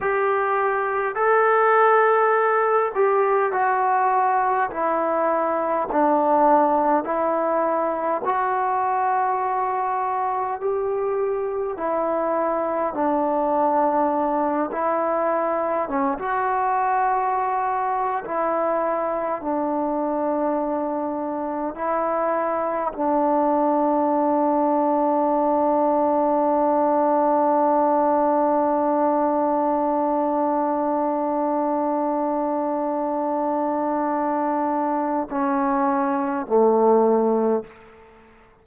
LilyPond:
\new Staff \with { instrumentName = "trombone" } { \time 4/4 \tempo 4 = 51 g'4 a'4. g'8 fis'4 | e'4 d'4 e'4 fis'4~ | fis'4 g'4 e'4 d'4~ | d'8 e'4 cis'16 fis'4.~ fis'16 e'8~ |
e'8 d'2 e'4 d'8~ | d'1~ | d'1~ | d'2 cis'4 a4 | }